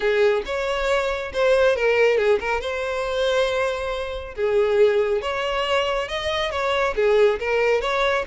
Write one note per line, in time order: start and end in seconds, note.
0.00 0.42 G#4
0.45 1.32 C#5
1.33 1.75 C5
1.75 2.17 A#4
2.17 2.39 G#4
2.40 2.60 A#4
2.60 4.34 C5
4.35 5.21 G#4
5.21 6.08 C#5
6.08 6.51 D#5
6.51 6.94 C#5
6.95 7.39 G#4
7.39 7.81 A#4
7.81 8.24 C#5